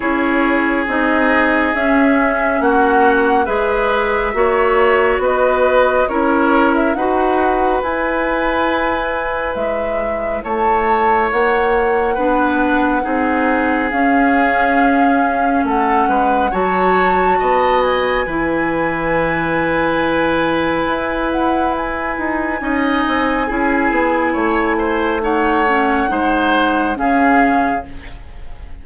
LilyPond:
<<
  \new Staff \with { instrumentName = "flute" } { \time 4/4 \tempo 4 = 69 cis''4 dis''4 e''4 fis''4 | e''2 dis''4 cis''8. e''16 | fis''4 gis''2 e''4 | a''4 fis''2. |
f''2 fis''4 a''4~ | a''8 gis''2.~ gis''8~ | gis''8 fis''8 gis''2.~ | gis''4 fis''2 f''4 | }
  \new Staff \with { instrumentName = "oboe" } { \time 4/4 gis'2. fis'4 | b'4 cis''4 b'4 ais'4 | b'1 | cis''2 b'4 gis'4~ |
gis'2 a'8 b'8 cis''4 | dis''4 b'2.~ | b'2 dis''4 gis'4 | cis''8 c''8 cis''4 c''4 gis'4 | }
  \new Staff \with { instrumentName = "clarinet" } { \time 4/4 e'4 dis'4 cis'2 | gis'4 fis'2 e'4 | fis'4 e'2.~ | e'2 d'4 dis'4 |
cis'2. fis'4~ | fis'4 e'2.~ | e'2 dis'4 e'4~ | e'4 dis'8 cis'8 dis'4 cis'4 | }
  \new Staff \with { instrumentName = "bassoon" } { \time 4/4 cis'4 c'4 cis'4 ais4 | gis4 ais4 b4 cis'4 | dis'4 e'2 gis4 | a4 ais4 b4 c'4 |
cis'2 a8 gis8 fis4 | b4 e2. | e'4. dis'8 cis'8 c'8 cis'8 b8 | a2 gis4 cis4 | }
>>